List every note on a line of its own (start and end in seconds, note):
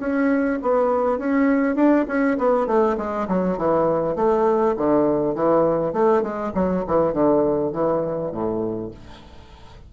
0.00 0.59 C#4
0.62 1.19 B3
1.19 1.76 C#4
1.76 2.05 D4
2.08 2.38 C#4
2.38 2.67 B3
2.67 2.97 A3
2.98 3.27 G#3
3.28 3.58 F#3
3.58 4.16 E3
4.16 4.75 A3
4.77 5.35 D3
5.35 5.93 E3
5.93 6.23 A3
6.23 6.52 G#3
6.55 6.85 F#3
6.87 7.13 E3
7.13 7.73 D3
7.73 8.32 E3
8.32 8.91 A2